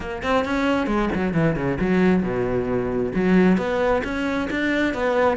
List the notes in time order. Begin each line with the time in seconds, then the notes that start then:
0.00 A#3
0.22 C4
0.45 C#4
0.86 G#3
1.15 F#3
1.33 E3
1.55 C#3
1.80 F#3
2.22 B2
3.14 F#3
3.57 B3
4.04 C#4
4.50 D4
4.94 B3